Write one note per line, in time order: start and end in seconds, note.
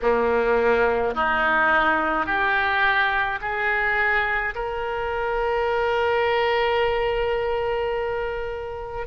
0.02 1.14 A#3
1.14 2.25 D#4
2.25 3.39 G4
3.41 4.54 G#4
4.54 9.06 A#4